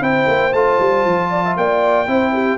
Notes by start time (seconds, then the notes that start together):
0.00 C4 E4 C5 G5
0.27 A#3
0.53 A3 F4 A5
0.80 G3
1.06 F3
1.30 D5
1.45 E5
1.57 A#3 D5 G5
2.07 C4 E4 C5
2.33 G4